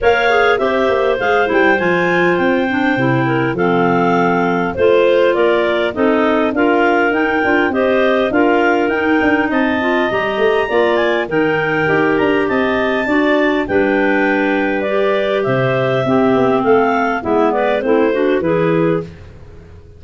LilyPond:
<<
  \new Staff \with { instrumentName = "clarinet" } { \time 4/4 \tempo 4 = 101 f''4 e''4 f''8 g''8 gis''4 | g''2 f''2 | c''4 d''4 dis''4 f''4 | g''4 dis''4 f''4 g''4 |
a''4 ais''4. gis''8 g''4~ | g''8 ais''8 a''2 g''4~ | g''4 d''4 e''2 | f''4 e''8 d''8 c''4 b'4 | }
  \new Staff \with { instrumentName = "clarinet" } { \time 4/4 cis''4 c''2.~ | c''4. ais'8 a'2 | c''4 ais'4 a'4 ais'4~ | ais'4 c''4 ais'2 |
dis''2 d''4 ais'4~ | ais'4 dis''4 d''4 b'4~ | b'2 c''4 g'4 | a'4 e'8 b'8 e'8 fis'8 gis'4 | }
  \new Staff \with { instrumentName = "clarinet" } { \time 4/4 ais'8 gis'8 g'4 gis'8 e'8 f'4~ | f'8 d'8 e'4 c'2 | f'2 dis'4 f'4 | dis'8 f'8 g'4 f'4 dis'4~ |
dis'8 f'8 g'4 f'4 dis'4 | g'2 fis'4 d'4~ | d'4 g'2 c'4~ | c'4 b4 c'8 d'8 e'4 | }
  \new Staff \with { instrumentName = "tuba" } { \time 4/4 ais4 c'8 ais8 gis8 g8 f4 | c'4 c4 f2 | a4 ais4 c'4 d'4 | dis'8 d'8 c'4 d'4 dis'8 d'8 |
c'4 g8 a8 ais4 dis4 | dis'8 d'8 c'4 d'4 g4~ | g2 c4 c'8 b8 | a4 gis4 a4 e4 | }
>>